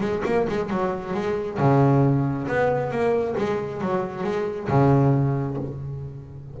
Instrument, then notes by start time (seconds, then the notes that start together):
double bass
0.00 G#3
0.25 A#3
0.48 G#3
0.70 F#3
1.13 G#3
1.58 C#3
2.47 B3
2.90 A#3
3.37 G#3
3.81 F#3
4.23 G#3
4.68 C#3